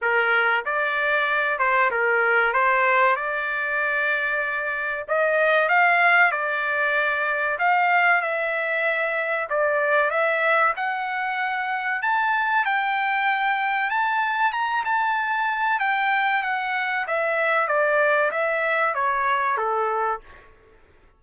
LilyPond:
\new Staff \with { instrumentName = "trumpet" } { \time 4/4 \tempo 4 = 95 ais'4 d''4. c''8 ais'4 | c''4 d''2. | dis''4 f''4 d''2 | f''4 e''2 d''4 |
e''4 fis''2 a''4 | g''2 a''4 ais''8 a''8~ | a''4 g''4 fis''4 e''4 | d''4 e''4 cis''4 a'4 | }